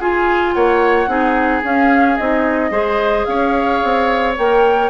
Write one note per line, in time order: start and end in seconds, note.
0.00 0.55 F4
0.00 1.08 F4
0.00 0.55 G#4
0.00 0.53 G#5
0.53 1.07 A#3
0.53 1.10 C#5
0.53 1.62 F#5
1.07 1.62 C4
1.07 1.62 D#4
1.07 2.71 G#4
1.63 2.18 C#4
1.63 2.17 F5
2.17 2.71 C4
2.17 2.71 D#4
2.17 3.25 D#5
2.71 3.25 G#3
2.71 4.34 G#4
2.71 3.26 C5
3.25 3.82 C#4
3.25 4.90 C#5
3.25 4.34 F5
3.84 4.38 C4
4.38 4.90 A#3
4.38 4.90 A#4
4.38 4.90 G5